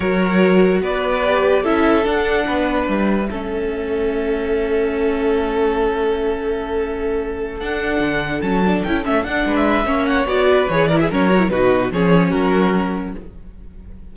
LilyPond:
<<
  \new Staff \with { instrumentName = "violin" } { \time 4/4 \tempo 4 = 146 cis''2 d''2 | e''4 fis''2 e''4~ | e''1~ | e''1~ |
e''2~ e''8 fis''4.~ | fis''8 a''4 g''8 e''8 fis''8. e''8.~ | e''8 fis''8 d''4 cis''8 d''16 e''16 cis''4 | b'4 cis''4 ais'2 | }
  \new Staff \with { instrumentName = "violin" } { \time 4/4 ais'2 b'2 | a'2 b'2 | a'1~ | a'1~ |
a'1~ | a'2. b'4 | cis''4. b'4 ais'16 gis'16 ais'4 | fis'4 gis'4 fis'2 | }
  \new Staff \with { instrumentName = "viola" } { \time 4/4 fis'2. g'4 | e'4 d'2. | cis'1~ | cis'1~ |
cis'2~ cis'8 d'4.~ | d'8 cis'8 d'8 e'8 cis'8 d'4. | cis'4 fis'4 gis'8 e'8 cis'8 fis'16 e'16 | dis'4 cis'2. | }
  \new Staff \with { instrumentName = "cello" } { \time 4/4 fis2 b2 | cis'4 d'4 b4 g4 | a1~ | a1~ |
a2~ a8 d'4 d8~ | d8 fis4 cis'8 a8 d'8 gis4 | ais4 b4 e4 fis4 | b,4 f4 fis2 | }
>>